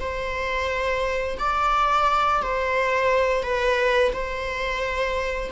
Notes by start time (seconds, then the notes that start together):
0.00 C5
1.39 D5
2.42 C5
3.43 B4
4.13 C5